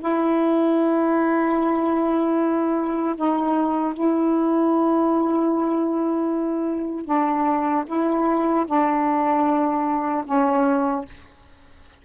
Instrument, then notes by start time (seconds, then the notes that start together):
saxophone
0.00 E4
3.16 D#4
3.94 E4
7.06 D4
7.87 E4
8.66 D4
10.26 C#4